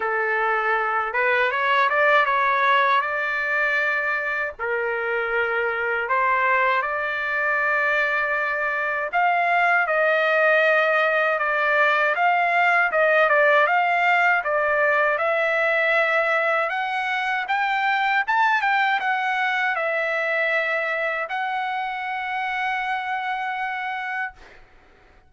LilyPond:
\new Staff \with { instrumentName = "trumpet" } { \time 4/4 \tempo 4 = 79 a'4. b'8 cis''8 d''8 cis''4 | d''2 ais'2 | c''4 d''2. | f''4 dis''2 d''4 |
f''4 dis''8 d''8 f''4 d''4 | e''2 fis''4 g''4 | a''8 g''8 fis''4 e''2 | fis''1 | }